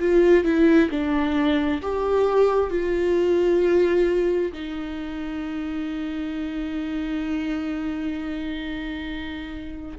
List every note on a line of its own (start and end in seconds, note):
0.00 0.44 F4
0.44 0.90 E4
0.90 1.81 D4
1.82 2.70 G4
2.70 4.52 F4
4.53 9.98 D#4